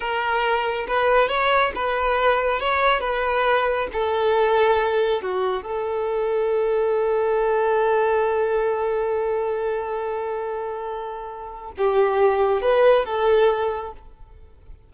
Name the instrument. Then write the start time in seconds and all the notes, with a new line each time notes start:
violin
0.00 A#4
0.87 B4
1.28 C#5
1.75 B4
2.60 C#5
3.00 B4
3.92 A4
5.21 F#4
5.62 A4
11.77 G4
12.61 B4
13.05 A4